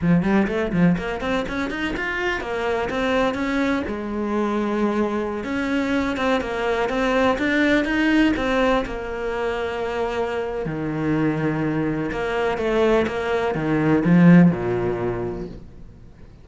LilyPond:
\new Staff \with { instrumentName = "cello" } { \time 4/4 \tempo 4 = 124 f8 g8 a8 f8 ais8 c'8 cis'8 dis'8 | f'4 ais4 c'4 cis'4 | gis2.~ gis16 cis'8.~ | cis'8. c'8 ais4 c'4 d'8.~ |
d'16 dis'4 c'4 ais4.~ ais16~ | ais2 dis2~ | dis4 ais4 a4 ais4 | dis4 f4 ais,2 | }